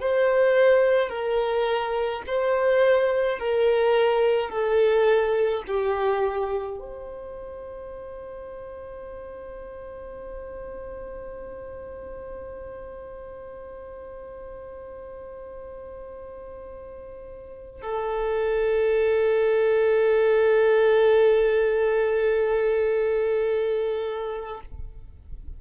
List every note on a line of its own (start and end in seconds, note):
0.00 1.09 C5
1.09 2.22 A#4
2.26 3.39 C5
3.39 4.49 A#4
4.49 5.62 A4
5.67 6.78 G4
6.78 17.81 C5
17.81 24.61 A4